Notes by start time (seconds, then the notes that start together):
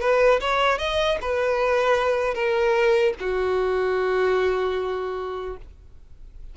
0.00 B4
0.40 C#5
0.78 D#5
1.21 B4
2.34 A#4
3.20 F#4